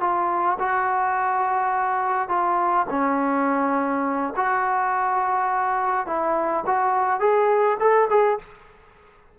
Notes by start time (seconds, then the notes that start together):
0.00 F4
0.58 F#4
2.28 F4
2.90 C#4
4.36 F#4
6.06 E4
6.66 F#4
7.20 G#4
7.79 A4
8.10 G#4